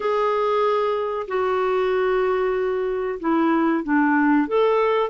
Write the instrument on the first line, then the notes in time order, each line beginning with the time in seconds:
clarinet
0.00 G#4
1.27 F#4
3.20 E4
3.83 D4
4.47 A4